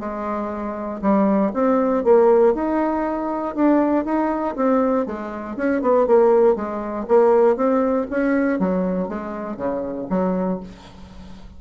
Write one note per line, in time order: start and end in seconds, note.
0.00 1.01 G#3
1.02 1.52 G3
1.54 2.04 C4
2.04 2.55 A#3
2.55 3.55 D#4
3.55 4.05 D4
4.05 4.55 D#4
4.56 5.06 C4
5.06 5.57 G#3
5.57 5.82 C#4
5.82 6.07 B3
6.07 6.56 A#3
6.56 7.07 G#3
7.08 7.57 A#3
7.57 8.07 C4
8.11 8.60 C#4
8.60 9.09 F#3
9.09 9.57 G#3
9.57 10.07 C#3
10.10 10.60 F#3